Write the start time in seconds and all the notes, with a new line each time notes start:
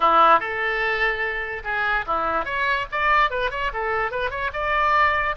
0.00 E4
0.39 A4
1.64 G#4
2.06 E4
2.45 C#5
2.91 D5
3.30 B4
3.51 C#5
3.73 A4
4.11 B4
4.30 C#5
4.53 D5